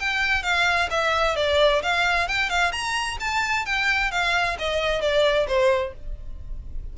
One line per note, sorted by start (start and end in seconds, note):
0.00 0.43 G5
0.43 0.89 F5
0.91 1.36 E5
1.36 1.82 D5
1.83 2.28 F5
2.28 2.50 G5
2.50 2.72 F5
2.72 3.18 A#5
3.20 3.66 A5
3.66 4.11 G5
4.11 4.57 F5
4.59 5.02 D#5
5.02 5.47 D5
5.48 5.94 C5